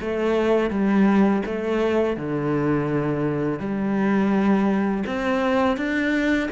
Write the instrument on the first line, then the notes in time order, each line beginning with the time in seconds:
cello
0.00 A3
0.70 G3
1.45 A3
2.16 D3
3.59 G3
5.06 C4
5.77 D4